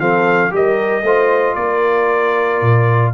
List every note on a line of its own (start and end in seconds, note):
0.00 0.52 F3
0.00 0.51 C4
0.00 0.53 A4
0.00 0.52 F5
0.51 1.03 G3
0.51 1.03 G4
0.51 1.04 A#4
0.51 1.55 D#5
1.03 1.55 A3
1.03 3.14 F4
1.03 1.56 C5
1.55 2.61 A#3
1.55 3.14 A#4
1.55 3.12 D5
2.62 3.14 A#2